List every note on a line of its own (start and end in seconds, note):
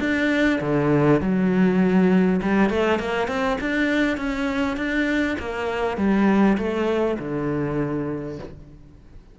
0.00 0.60 D4
0.61 1.21 D3
1.21 2.41 F#3
2.42 2.70 G3
2.70 2.99 A3
2.99 3.28 A#3
3.28 3.58 C4
3.61 4.17 D4
4.17 4.77 C#4
4.77 5.37 D4
5.40 5.97 A#3
5.97 6.57 G3
6.58 7.18 A3
7.19 8.39 D3